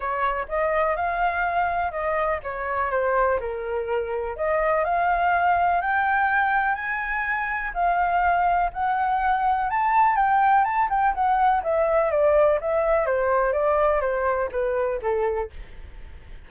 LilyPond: \new Staff \with { instrumentName = "flute" } { \time 4/4 \tempo 4 = 124 cis''4 dis''4 f''2 | dis''4 cis''4 c''4 ais'4~ | ais'4 dis''4 f''2 | g''2 gis''2 |
f''2 fis''2 | a''4 g''4 a''8 g''8 fis''4 | e''4 d''4 e''4 c''4 | d''4 c''4 b'4 a'4 | }